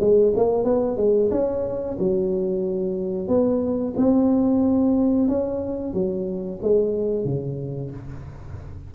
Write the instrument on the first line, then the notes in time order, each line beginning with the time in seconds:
tuba
0.00 G#3
0.36 A#3
0.64 B3
0.97 G#3
1.31 C#4
1.99 F#3
3.28 B3
3.97 C4
5.28 C#4
5.93 F#3
6.62 G#3
7.24 C#3